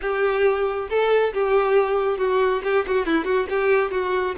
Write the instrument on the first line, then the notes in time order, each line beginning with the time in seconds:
violin
0.01 G4
0.89 A4
1.33 G4
2.18 F#4
2.63 G4
2.87 F#4
3.06 E4
3.24 F#4
3.49 G4
3.91 F#4